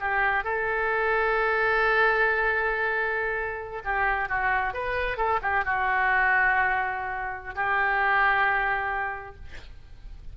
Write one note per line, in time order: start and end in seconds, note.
0.00 0.44 G4
0.44 3.82 A4
3.85 4.29 G4
4.29 4.74 F#4
4.74 5.17 B4
5.17 5.40 A4
5.42 5.65 G4
5.65 7.55 F#4
7.55 9.36 G4